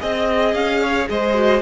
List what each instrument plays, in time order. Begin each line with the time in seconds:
0.00 cello C4, viola G#4, violin D#5
0.54 cello C#4, violin F5
0.82 violin C#5
1.09 cello G#3, violin C5 D#5
1.33 viola F#4